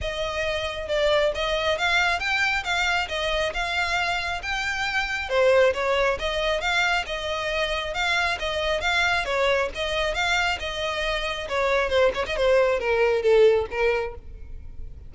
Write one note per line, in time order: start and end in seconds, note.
0.01 0.88 D#5
0.88 1.32 D5
1.34 1.78 D#5
1.78 2.19 F5
2.19 2.63 G5
2.64 3.08 F5
3.08 3.52 D#5
3.53 4.41 F5
4.42 5.29 G5
5.29 5.73 C5
5.73 6.17 C#5
6.19 6.61 D#5
6.61 7.05 F5
7.06 7.94 D#5
7.94 8.38 F5
8.39 8.81 D#5
8.81 9.25 F5
9.25 9.69 C#5
9.74 10.14 D#5
10.14 10.58 F5
10.59 11.47 D#5
11.48 11.89 C#5
11.89 12.11 C5
12.14 12.25 C#5
12.26 12.36 D#5
12.36 12.79 C5
12.79 13.22 A#4
13.22 13.66 A4
13.70 14.14 A#4